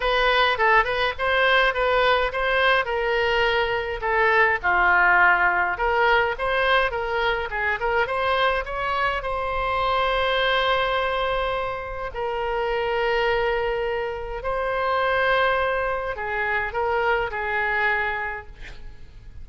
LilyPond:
\new Staff \with { instrumentName = "oboe" } { \time 4/4 \tempo 4 = 104 b'4 a'8 b'8 c''4 b'4 | c''4 ais'2 a'4 | f'2 ais'4 c''4 | ais'4 gis'8 ais'8 c''4 cis''4 |
c''1~ | c''4 ais'2.~ | ais'4 c''2. | gis'4 ais'4 gis'2 | }